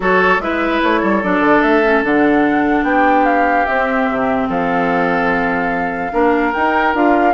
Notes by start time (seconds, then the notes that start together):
0.00 F#3 F#4 A4 C#5
0.38 G#3 E4 B4 E5
0.83 A3 C#5
1.01 G3 A4
1.23 F#3 D4 D5
1.40 D3
1.62 A3 E5
1.83 C#4
2.03 D3 D4 F#5
2.82 B3 G4 G5
3.24 F5
3.65 C4 E5
4.09 C3
4.48 F3 A4 F5
6.12 A#3 D4 A#4
6.53 D#4 G5
6.94 D4 F4 F5